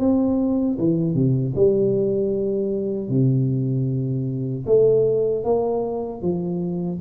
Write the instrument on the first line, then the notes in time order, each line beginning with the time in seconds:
tuba
0.00 C4
0.79 E3
1.15 C3
1.56 G3
3.10 C3
4.67 A3
5.45 A#3
6.22 F3